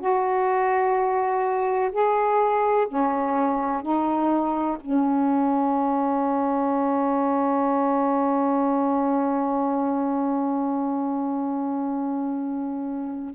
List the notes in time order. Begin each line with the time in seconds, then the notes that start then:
0.00 F#4
1.91 G#4
2.87 C#4
3.82 D#4
4.80 C#4